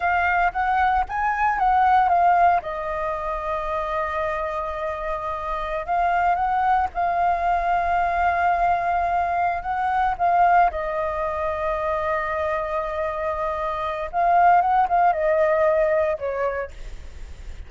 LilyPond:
\new Staff \with { instrumentName = "flute" } { \time 4/4 \tempo 4 = 115 f''4 fis''4 gis''4 fis''4 | f''4 dis''2.~ | dis''2.~ dis''16 f''8.~ | f''16 fis''4 f''2~ f''8.~ |
f''2~ f''8 fis''4 f''8~ | f''8 dis''2.~ dis''8~ | dis''2. f''4 | fis''8 f''8 dis''2 cis''4 | }